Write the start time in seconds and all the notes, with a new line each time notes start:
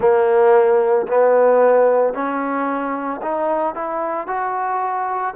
0.00 A#3
1.07 B3
2.13 C#4
3.21 D#4
3.75 E4
4.27 F#4